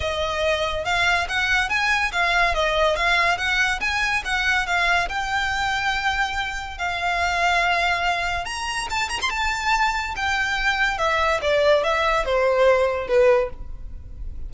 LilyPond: \new Staff \with { instrumentName = "violin" } { \time 4/4 \tempo 4 = 142 dis''2 f''4 fis''4 | gis''4 f''4 dis''4 f''4 | fis''4 gis''4 fis''4 f''4 | g''1 |
f''1 | ais''4 a''8 ais''16 c'''16 a''2 | g''2 e''4 d''4 | e''4 c''2 b'4 | }